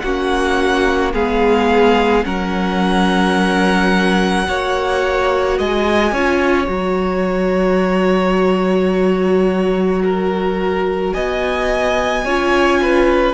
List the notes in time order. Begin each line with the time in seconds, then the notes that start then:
0.00 A#3 C#4 F#4 F#5
1.13 G#3 B3 G#4 F5
2.24 F#3 C#4 A#4 F#5
4.47 A#3 F#4 C#5
5.58 G#3 D#5 G#5
6.12 C#4 F4 C#5
6.67 F#3 F#4 A#5
10.04 A#4
11.13 B3 D#5 G#5
12.25 C#4 F4 C#5
12.82 B4